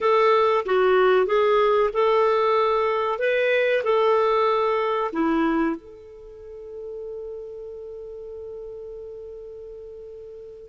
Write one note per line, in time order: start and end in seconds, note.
0.00 0.64 A4
0.65 1.26 F#4
1.26 1.90 G#4
1.93 3.19 A4
3.19 3.82 B4
3.83 5.11 A4
5.12 5.76 E4
5.76 10.69 A4